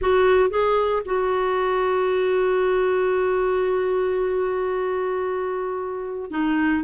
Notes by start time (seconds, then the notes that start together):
0.01 F#4
0.50 G#4
1.05 F#4
6.30 D#4